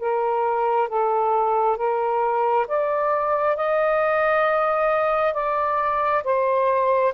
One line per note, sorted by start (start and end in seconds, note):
0.00 0.89 A#4
0.89 1.77 A4
1.77 2.67 A#4
2.68 3.57 D5
3.57 5.34 D#5
5.34 6.24 D5
6.24 7.14 C5